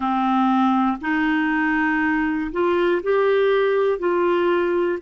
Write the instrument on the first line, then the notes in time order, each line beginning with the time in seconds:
clarinet
0.00 C4
1.00 D#4
2.51 F4
3.03 G4
3.99 F4